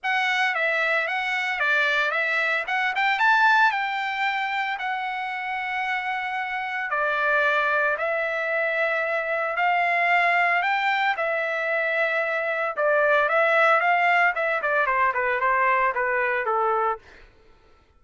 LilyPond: \new Staff \with { instrumentName = "trumpet" } { \time 4/4 \tempo 4 = 113 fis''4 e''4 fis''4 d''4 | e''4 fis''8 g''8 a''4 g''4~ | g''4 fis''2.~ | fis''4 d''2 e''4~ |
e''2 f''2 | g''4 e''2. | d''4 e''4 f''4 e''8 d''8 | c''8 b'8 c''4 b'4 a'4 | }